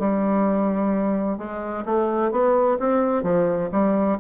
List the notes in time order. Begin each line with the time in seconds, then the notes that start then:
0.00 G3
1.38 G#3
1.86 A3
2.32 B3
2.80 C4
3.23 F3
3.72 G3